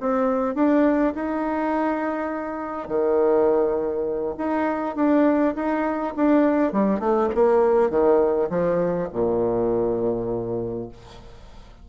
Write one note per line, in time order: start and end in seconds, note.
0.00 0.55 C4
0.55 1.13 D4
1.15 2.88 D#4
2.88 4.35 D#3
4.37 4.96 D#4
4.96 5.55 D4
5.55 6.14 D#4
6.16 6.72 D4
6.72 6.99 G3
6.99 7.29 A3
7.35 7.90 A#3
7.90 8.49 D#3
8.50 9.09 F3
9.12 10.89 A#2